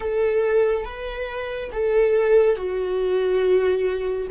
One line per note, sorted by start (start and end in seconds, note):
0.00 0.84 A4
0.84 1.70 B4
1.72 2.56 A4
2.56 4.27 F#4